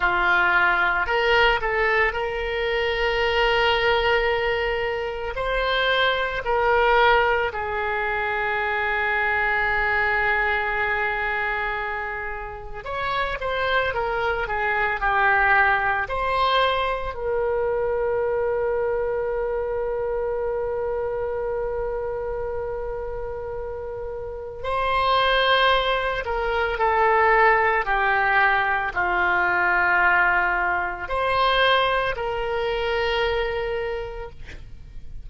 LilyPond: \new Staff \with { instrumentName = "oboe" } { \time 4/4 \tempo 4 = 56 f'4 ais'8 a'8 ais'2~ | ais'4 c''4 ais'4 gis'4~ | gis'1 | cis''8 c''8 ais'8 gis'8 g'4 c''4 |
ais'1~ | ais'2. c''4~ | c''8 ais'8 a'4 g'4 f'4~ | f'4 c''4 ais'2 | }